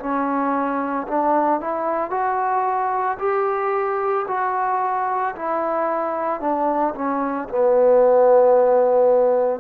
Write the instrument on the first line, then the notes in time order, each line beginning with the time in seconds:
trombone
0.00 C#4
1.08 D4
1.61 E4
2.11 F#4
3.19 G4
4.28 F#4
5.36 E4
6.41 D4
6.95 C#4
7.49 B3